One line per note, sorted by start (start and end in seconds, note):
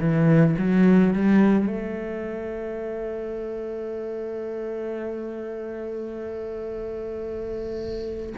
0.00 0.56 E3
0.58 1.13 F#3
1.13 1.67 G3
1.67 8.34 A3